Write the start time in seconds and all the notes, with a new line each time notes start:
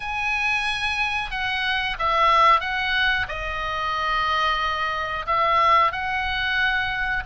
0.00 G#5
1.30 F#5
1.98 E5
2.60 F#5
3.28 D#5
5.26 E5
5.92 F#5